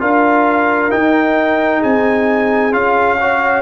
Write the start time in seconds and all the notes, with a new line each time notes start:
0.00 D4 F4 A#4 F5
0.91 D#4 G5
1.80 C4 G#4 G#5
2.72 C#4 F4 F5
3.21 F#4 C#5